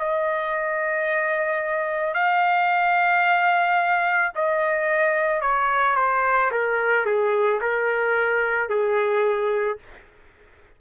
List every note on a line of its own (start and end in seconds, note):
0.00 2.14 D#5
2.14 4.32 F5
4.36 5.42 D#5
5.42 5.97 C#5
5.97 6.51 C5
6.52 7.06 A#4
7.06 7.61 G#4
7.62 8.70 A#4
8.70 9.79 G#4